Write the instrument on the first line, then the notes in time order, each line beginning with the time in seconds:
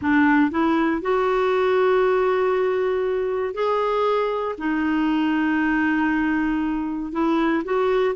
clarinet
0.01 D4
0.50 E4
1.01 F#4
3.54 G#4
4.58 D#4
7.12 E4
7.64 F#4